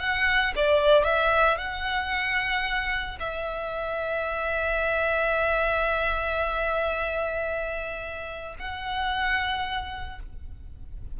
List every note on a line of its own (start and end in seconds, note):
0.00 0.54 F#5
0.56 1.04 D5
1.04 1.58 E5
1.58 3.19 F#5
3.20 8.56 E5
8.59 10.20 F#5